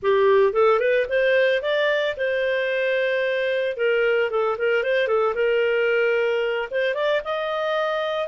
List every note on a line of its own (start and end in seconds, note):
0.02 0.52 G4
0.52 0.79 A4
0.79 1.06 B4
1.09 1.62 C5
1.62 2.15 D5
2.16 3.76 C5
3.76 4.30 A#4
4.30 4.57 A4
4.58 4.83 A#4
4.83 5.07 C5
5.07 5.34 A4
5.34 6.68 A#4
6.70 6.94 C5
6.94 7.21 D5
7.24 8.27 D#5